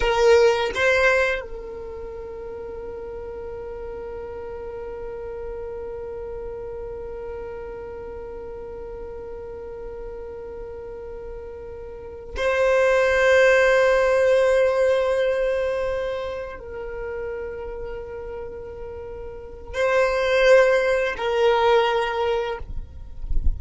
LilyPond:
\new Staff \with { instrumentName = "violin" } { \time 4/4 \tempo 4 = 85 ais'4 c''4 ais'2~ | ais'1~ | ais'1~ | ais'1~ |
ais'4. c''2~ c''8~ | c''2.~ c''8 ais'8~ | ais'1 | c''2 ais'2 | }